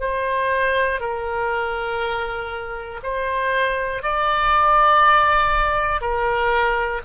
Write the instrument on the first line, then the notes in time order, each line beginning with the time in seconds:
oboe
0.00 C5
1.00 A#4
3.03 C5
4.02 D5
6.01 A#4